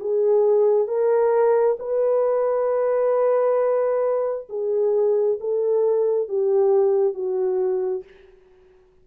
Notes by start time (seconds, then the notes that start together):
0.00 G#4
0.87 A#4
1.79 B4
4.49 G#4
5.40 A4
6.28 G4
7.14 F#4